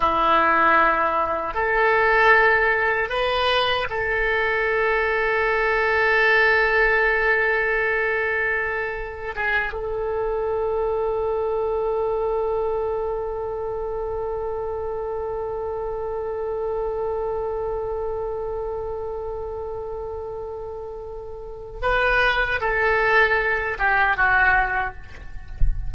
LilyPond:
\new Staff \with { instrumentName = "oboe" } { \time 4/4 \tempo 4 = 77 e'2 a'2 | b'4 a'2.~ | a'1 | gis'8 a'2.~ a'8~ |
a'1~ | a'1~ | a'1 | b'4 a'4. g'8 fis'4 | }